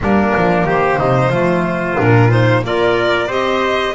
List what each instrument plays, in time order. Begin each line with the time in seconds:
0.01 double bass G3, clarinet A#3, trumpet D4, violin A#4
0.36 double bass F3
0.64 double bass D#3, trumpet G4, violin C5
0.99 double bass C3, trumpet D#4
1.29 double bass F3, clarinet A3, trumpet F4
1.96 double bass A#2, clarinet D4, violin A#4
2.29 clarinet D#4, violin C5
2.63 double bass A#3, clarinet F4, trumpet A#4, violin D5
3.27 double bass C4, clarinet G4, trumpet C5, violin D#5